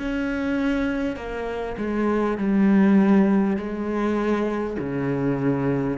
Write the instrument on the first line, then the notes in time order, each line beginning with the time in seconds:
cello
0.00 C#4
1.17 A#3
1.78 G#3
2.38 G3
3.57 G#3
4.79 C#3